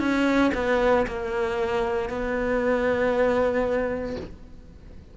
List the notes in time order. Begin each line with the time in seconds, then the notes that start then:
0.00 C#4
0.55 B3
1.08 A#3
2.10 B3